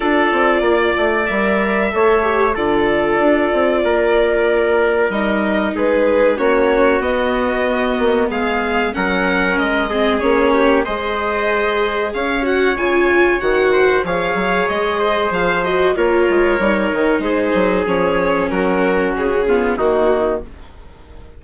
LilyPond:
<<
  \new Staff \with { instrumentName = "violin" } { \time 4/4 \tempo 4 = 94 d''2 e''2 | d''1 | dis''4 b'4 cis''4 dis''4~ | dis''4 f''4 fis''4 dis''4 |
cis''4 dis''2 f''8 fis''8 | gis''4 fis''4 f''4 dis''4 | f''8 dis''8 cis''2 c''4 | cis''4 ais'4 gis'4 fis'4 | }
  \new Staff \with { instrumentName = "trumpet" } { \time 4/4 a'4 d''2 cis''4 | a'2 ais'2~ | ais'4 gis'4 fis'2~ | fis'4 gis'4 ais'4. gis'8~ |
gis'8 g'8 c''2 cis''4~ | cis''4. c''8 cis''4. c''8~ | c''4 ais'2 gis'4~ | gis'4 fis'4. f'8 dis'4 | }
  \new Staff \with { instrumentName = "viola" } { \time 4/4 f'2 ais'4 a'8 g'8 | f'1 | dis'2 cis'4 b4~ | b2 cis'4. c'8 |
cis'4 gis'2~ gis'8 fis'8 | f'4 fis'4 gis'2~ | gis'8 fis'8 f'4 dis'2 | cis'2~ cis'8 b8 ais4 | }
  \new Staff \with { instrumentName = "bassoon" } { \time 4/4 d'8 c'8 ais8 a8 g4 a4 | d4 d'8 c'8 ais2 | g4 gis4 ais4 b4~ | b8 ais8 gis4 fis4 gis4 |
ais4 gis2 cis'4 | cis4 dis4 f8 fis8 gis4 | f4 ais8 gis8 g8 dis8 gis8 fis8 | f4 fis4 cis4 dis4 | }
>>